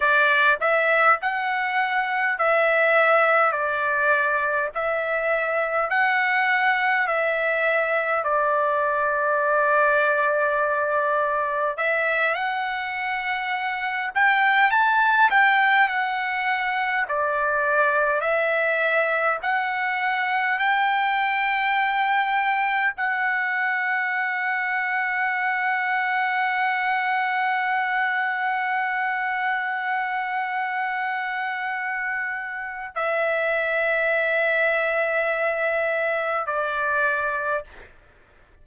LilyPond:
\new Staff \with { instrumentName = "trumpet" } { \time 4/4 \tempo 4 = 51 d''8 e''8 fis''4 e''4 d''4 | e''4 fis''4 e''4 d''4~ | d''2 e''8 fis''4. | g''8 a''8 g''8 fis''4 d''4 e''8~ |
e''8 fis''4 g''2 fis''8~ | fis''1~ | fis''1 | e''2. d''4 | }